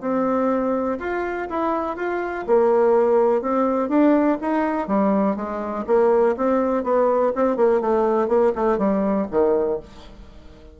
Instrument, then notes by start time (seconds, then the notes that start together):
bassoon
0.00 C4
0.99 F4
1.49 E4
1.96 F4
2.47 A#3
3.41 C4
3.88 D4
4.41 D#4
4.87 G3
5.35 G#3
5.86 A#3
6.36 C4
6.83 B3
7.35 C4
7.56 A#3
7.80 A3
8.28 A#3
8.55 A3
8.78 G3
9.30 D#3